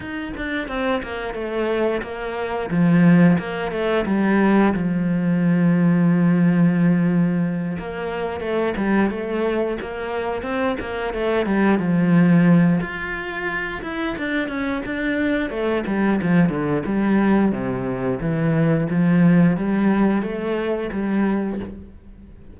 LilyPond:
\new Staff \with { instrumentName = "cello" } { \time 4/4 \tempo 4 = 89 dis'8 d'8 c'8 ais8 a4 ais4 | f4 ais8 a8 g4 f4~ | f2.~ f8 ais8~ | ais8 a8 g8 a4 ais4 c'8 |
ais8 a8 g8 f4. f'4~ | f'8 e'8 d'8 cis'8 d'4 a8 g8 | f8 d8 g4 c4 e4 | f4 g4 a4 g4 | }